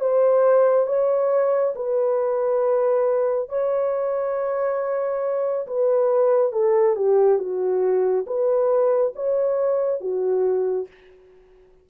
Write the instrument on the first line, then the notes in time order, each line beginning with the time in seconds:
horn
0.00 C5
0.87 C#5
1.75 B4
3.49 C#5
5.66 B4
6.52 A4
6.96 G4
7.38 F#4
8.26 B4
9.15 C#5
10.00 F#4